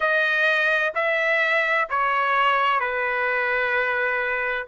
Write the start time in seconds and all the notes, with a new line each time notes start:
0.00 D#5
0.94 E5
1.89 C#5
2.80 B4